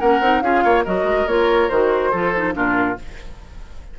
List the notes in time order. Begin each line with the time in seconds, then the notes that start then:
0.00 A#3 C#4 A#4 F#5
0.21 C4 D#4
0.42 C#4 F4 G#4 F5
0.64 A#3 C#5
0.85 F#3 F#4 A#4 D#5
1.04 G#3
1.27 A#3 F4 C#5
1.69 D#3 F#4 C5
2.11 F3 F4 A4
2.36 D#4
2.53 A#2 D4 F4 A#4